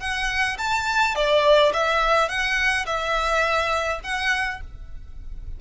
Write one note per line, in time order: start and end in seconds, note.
0.00 0.57 F#5
0.58 1.15 A5
1.15 1.72 D5
1.73 2.29 E5
2.29 2.86 F#5
2.86 4.00 E5
4.03 4.61 F#5